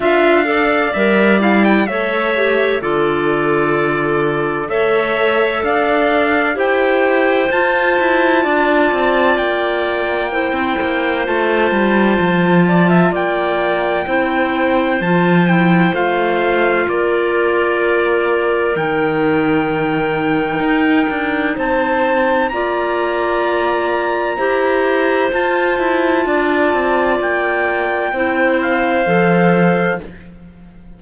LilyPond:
<<
  \new Staff \with { instrumentName = "trumpet" } { \time 4/4 \tempo 4 = 64 f''4 e''8 f''16 g''16 e''4 d''4~ | d''4 e''4 f''4 g''4 | a''2 g''2 | a''2 g''2 |
a''8 g''8 f''4 d''2 | g''2. a''4 | ais''2. a''4~ | a''4 g''4. f''4. | }
  \new Staff \with { instrumentName = "clarinet" } { \time 4/4 e''8 d''4. cis''4 a'4~ | a'4 cis''4 d''4 c''4~ | c''4 d''2 c''4~ | c''4. d''16 e''16 d''4 c''4~ |
c''2 ais'2~ | ais'2. c''4 | d''2 c''2 | d''2 c''2 | }
  \new Staff \with { instrumentName = "clarinet" } { \time 4/4 f'8 a'8 ais'8 e'8 a'8 g'8 f'4~ | f'4 a'2 g'4 | f'2. e'4 | f'2. e'4 |
f'8 e'8 f'2. | dis'1 | f'2 g'4 f'4~ | f'2 e'4 a'4 | }
  \new Staff \with { instrumentName = "cello" } { \time 4/4 d'4 g4 a4 d4~ | d4 a4 d'4 e'4 | f'8 e'8 d'8 c'8 ais4~ ais16 c'16 ais8 | a8 g8 f4 ais4 c'4 |
f4 a4 ais2 | dis2 dis'8 d'8 c'4 | ais2 e'4 f'8 e'8 | d'8 c'8 ais4 c'4 f4 | }
>>